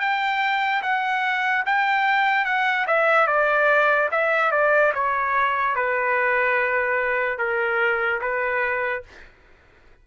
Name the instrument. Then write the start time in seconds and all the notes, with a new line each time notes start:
trumpet
0.00 G5
0.83 F#5
1.66 G5
2.45 F#5
2.87 E5
3.27 D5
4.11 E5
4.52 D5
4.94 C#5
5.76 B4
7.38 A#4
8.21 B4